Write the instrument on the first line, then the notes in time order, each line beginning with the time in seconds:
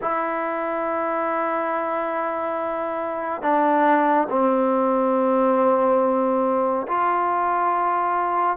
trombone
0.01 E4
3.42 D4
4.29 C4
6.87 F4